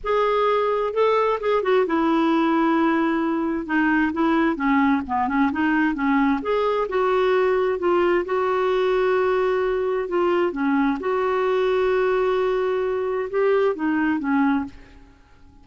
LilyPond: \new Staff \with { instrumentName = "clarinet" } { \time 4/4 \tempo 4 = 131 gis'2 a'4 gis'8 fis'8 | e'1 | dis'4 e'4 cis'4 b8 cis'8 | dis'4 cis'4 gis'4 fis'4~ |
fis'4 f'4 fis'2~ | fis'2 f'4 cis'4 | fis'1~ | fis'4 g'4 dis'4 cis'4 | }